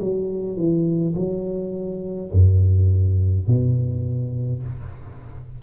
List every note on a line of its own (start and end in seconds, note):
0.00 0.57 F#3
0.57 1.15 E3
1.16 2.31 F#3
2.32 3.48 F#2
3.48 4.63 B2